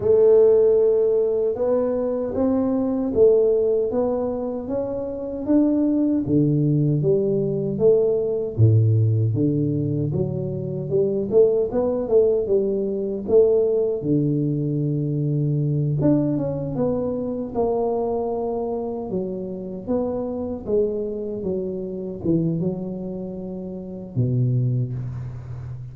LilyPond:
\new Staff \with { instrumentName = "tuba" } { \time 4/4 \tempo 4 = 77 a2 b4 c'4 | a4 b4 cis'4 d'4 | d4 g4 a4 a,4 | d4 fis4 g8 a8 b8 a8 |
g4 a4 d2~ | d8 d'8 cis'8 b4 ais4.~ | ais8 fis4 b4 gis4 fis8~ | fis8 e8 fis2 b,4 | }